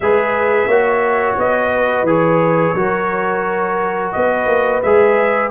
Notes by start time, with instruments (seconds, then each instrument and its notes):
0.00 tuba G#3, trombone G#4, horn B4, trumpet E5
0.67 tuba A#3, trombone F#4, horn C#5
1.37 tuba B3, trumpet D#5
1.74 horn B4
2.02 tuba E3, trombone G#4
2.09 trumpet C#5
2.74 tuba F#3, trombone F#4, horn A#4
4.12 tuba B3, horn B4, trumpet D#5
4.46 tuba A#3
4.82 tuba G#3, trombone G#4, trumpet E5